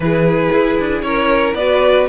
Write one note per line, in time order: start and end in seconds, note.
0.00 0.49 E3
0.00 1.59 E4
0.00 1.05 G#4
0.00 1.01 B4
0.52 0.78 E4
0.79 1.02 D4
1.01 1.53 C#4
1.01 1.57 A#4
1.01 1.53 C#5
1.53 2.05 B3
1.53 2.09 F#4
1.53 2.09 B4
1.53 2.07 D5